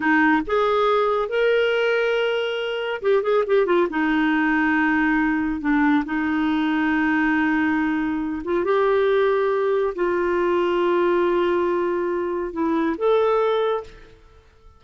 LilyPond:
\new Staff \with { instrumentName = "clarinet" } { \time 4/4 \tempo 4 = 139 dis'4 gis'2 ais'4~ | ais'2. g'8 gis'8 | g'8 f'8 dis'2.~ | dis'4 d'4 dis'2~ |
dis'2.~ dis'8 f'8 | g'2. f'4~ | f'1~ | f'4 e'4 a'2 | }